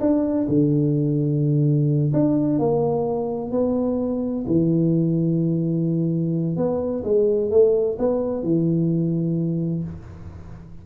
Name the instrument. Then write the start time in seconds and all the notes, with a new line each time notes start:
tuba
0.00 D4
0.48 D3
2.13 D4
2.59 A#3
3.51 B3
4.47 E3
6.56 B3
7.04 G#3
7.50 A3
7.99 B3
8.43 E3